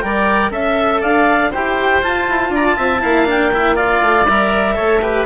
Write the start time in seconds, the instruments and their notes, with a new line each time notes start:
0.00 bassoon G3, cello A#4, oboe D5, clarinet G5
0.50 bassoon C#4, cello A4, oboe E5, clarinet E5
1.01 bassoon D4, oboe D5, clarinet F5
1.51 bassoon E4, cello G4, oboe C5, clarinet G5
2.02 cello F4, bassoon F4, clarinet A5
2.28 bassoon E4
2.50 bassoon D4, oboe D5, clarinet A#5
2.66 clarinet A5
2.76 bassoon C4, oboe E5
3.00 bassoon A#3, cello E4, oboe F5
3.25 cello D4, clarinet G5
3.53 cello E4, oboe E5
3.76 cello F4, oboe D5, clarinet F5
4.01 bassoon A3
4.28 bassoon G3, cello A#4, clarinet E5
4.75 bassoon A3, cello A4, oboe C#5
5.02 cello G4, oboe B4